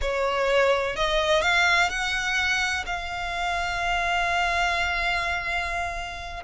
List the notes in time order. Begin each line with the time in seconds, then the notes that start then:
0.01 C#5
0.96 D#5
1.42 F5
1.89 F#5
2.86 F5